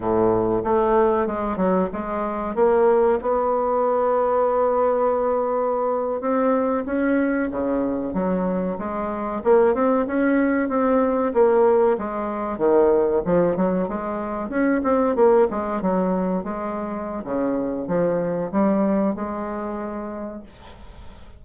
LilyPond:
\new Staff \with { instrumentName = "bassoon" } { \time 4/4 \tempo 4 = 94 a,4 a4 gis8 fis8 gis4 | ais4 b2.~ | b4.~ b16 c'4 cis'4 cis16~ | cis8. fis4 gis4 ais8 c'8 cis'16~ |
cis'8. c'4 ais4 gis4 dis16~ | dis8. f8 fis8 gis4 cis'8 c'8 ais16~ | ais16 gis8 fis4 gis4~ gis16 cis4 | f4 g4 gis2 | }